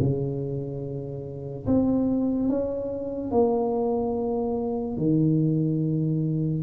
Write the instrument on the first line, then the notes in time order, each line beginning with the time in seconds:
tuba
0.00 C#3
1.67 C4
2.49 C#4
3.31 A#3
4.98 D#3